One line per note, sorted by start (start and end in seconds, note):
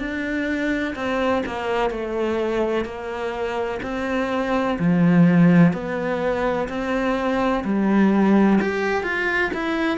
0.00 0.95 D4
0.96 1.43 C4
1.47 1.90 A#3
1.90 2.85 A3
2.85 3.81 A#3
3.83 4.78 C4
4.80 5.73 F3
5.73 6.68 B3
6.69 7.65 C4
7.65 8.60 G3
8.61 9.04 G4
9.04 9.52 F4
9.55 9.98 E4